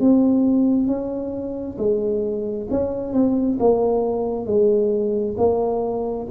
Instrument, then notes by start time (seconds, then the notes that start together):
tuba
0.00 C4
0.87 C#4
1.78 G#3
2.70 C#4
3.13 C4
3.59 A#3
4.46 G#3
5.37 A#3